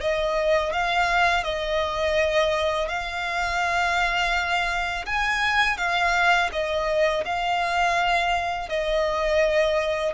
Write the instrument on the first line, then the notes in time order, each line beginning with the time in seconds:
violin
0.00 D#5
0.72 F5
1.44 D#5
2.88 F5
5.05 G#5
5.77 F5
6.52 D#5
7.25 F5
8.68 D#5